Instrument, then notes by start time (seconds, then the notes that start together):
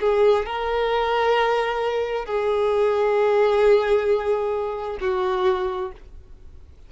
violin
0.00 G#4
0.45 A#4
2.25 G#4
5.00 F#4